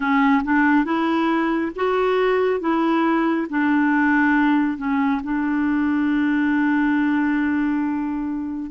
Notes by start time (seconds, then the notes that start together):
0.00 C#4
0.43 D4
0.84 E4
1.75 F#4
2.60 E4
3.49 D4
4.77 C#4
5.23 D4